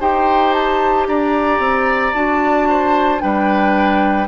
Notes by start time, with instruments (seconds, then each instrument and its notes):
0.00 bassoon D#4, clarinet G4, oboe C5, flute G5
0.53 flute A5
1.07 bassoon D4, oboe D5, flute A#5
1.59 bassoon C4
2.14 bassoon D4, clarinet F#4, flute A5
2.69 oboe C5
3.19 bassoon G3, clarinet D4, oboe B4, flute G5